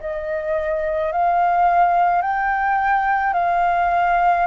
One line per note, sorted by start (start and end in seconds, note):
0.00 1.12 D#5
1.12 2.22 F5
2.22 3.33 G5
3.33 4.47 F5